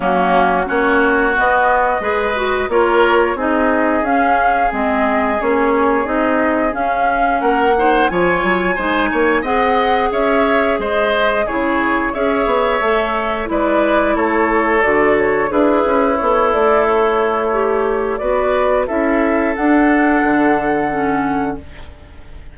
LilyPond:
<<
  \new Staff \with { instrumentName = "flute" } { \time 4/4 \tempo 4 = 89 fis'4 cis''4 dis''2 | cis''4 dis''4 f''4 dis''4 | cis''4 dis''4 f''4 fis''4 | gis''2 fis''4 e''4 |
dis''4 cis''4 e''2 | d''4 cis''4 d''8 cis''8 b'4 | cis''8 d''8 cis''2 d''4 | e''4 fis''2. | }
  \new Staff \with { instrumentName = "oboe" } { \time 4/4 cis'4 fis'2 b'4 | ais'4 gis'2.~ | gis'2. ais'8 c''8 | cis''4 c''8 cis''8 dis''4 cis''4 |
c''4 gis'4 cis''2 | b'4 a'2 e'4~ | e'2. b'4 | a'1 | }
  \new Staff \with { instrumentName = "clarinet" } { \time 4/4 ais4 cis'4 b4 gis'8 fis'8 | f'4 dis'4 cis'4 c'4 | cis'4 dis'4 cis'4. dis'8 | f'4 dis'4 gis'2~ |
gis'4 e'4 gis'4 a'4 | e'2 fis'4 gis'4 | a'2 g'4 fis'4 | e'4 d'2 cis'4 | }
  \new Staff \with { instrumentName = "bassoon" } { \time 4/4 fis4 ais4 b4 gis4 | ais4 c'4 cis'4 gis4 | ais4 c'4 cis'4 ais4 | f8 fis8 gis8 ais8 c'4 cis'4 |
gis4 cis4 cis'8 b8 a4 | gis4 a4 d4 d'8 cis'8 | b8 a2~ a8 b4 | cis'4 d'4 d2 | }
>>